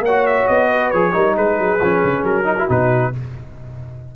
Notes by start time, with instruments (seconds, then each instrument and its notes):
0.00 tuba A#3, horn C#5, trumpet F#5
0.08 trombone F#4
0.26 trumpet E5
0.48 tuba B3, trumpet D#5
0.69 horn B4
0.91 tuba F3, trombone G#4, trumpet C#5
1.12 tuba G3, trombone D#4, horn A#4
1.36 tuba G#3, horn G#4, trumpet B4
1.59 tuba F#3
1.81 tuba F3, trombone C#4
2.04 tuba C#3
2.23 tuba F#3, trumpet A#4
2.45 trombone D#4, horn F#4
2.58 trombone E4
2.68 tuba B2, trombone D#4, trumpet B4